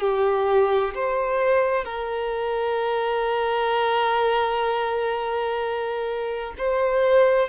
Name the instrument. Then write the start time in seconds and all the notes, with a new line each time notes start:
violin
0.00 G4
0.94 C5
1.85 A#4
6.58 C5